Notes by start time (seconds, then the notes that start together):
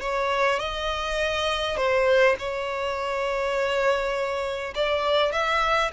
0.00 C#5
0.59 D#5
1.76 C5
2.38 C#5
4.75 D5
5.32 E5